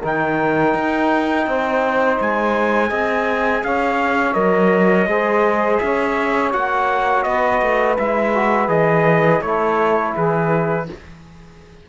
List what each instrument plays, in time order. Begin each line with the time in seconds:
0.00 cello D#3, trombone D#4, saxophone A#4, trumpet G5
0.74 cello D#4
1.47 cello C4, saxophone C5
2.20 cello G#3, trumpet G#5
2.89 cello C4, trombone G#4, saxophone D#5
3.64 cello C#4, saxophone C#5, trumpet F5
4.33 cello F#3, trombone A#4, trumpet D#5
5.06 cello G#3, trombone G#4, saxophone C5
5.77 cello C#4, saxophone C#5, trumpet E5
6.52 cello A#3, trombone F#4, trumpet F#5
7.23 cello B3, saxophone B4, trumpet D#5
7.62 cello A3
7.98 cello G#3, trombone E4, trumpet E5
8.34 trombone F#4
8.68 cello E3, trombone G#4, trumpet D#5
9.41 cello A3, trombone E4, saxophone A4, trumpet C#5
10.14 cello E3, saxophone G#4, trumpet B4